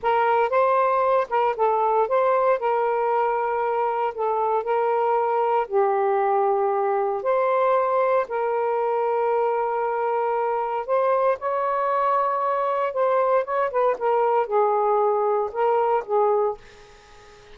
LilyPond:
\new Staff \with { instrumentName = "saxophone" } { \time 4/4 \tempo 4 = 116 ais'4 c''4. ais'8 a'4 | c''4 ais'2. | a'4 ais'2 g'4~ | g'2 c''2 |
ais'1~ | ais'4 c''4 cis''2~ | cis''4 c''4 cis''8 b'8 ais'4 | gis'2 ais'4 gis'4 | }